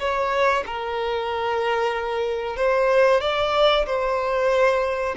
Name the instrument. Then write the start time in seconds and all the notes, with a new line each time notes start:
violin
0.00 C#5
0.67 A#4
2.57 C5
3.21 D5
3.87 C5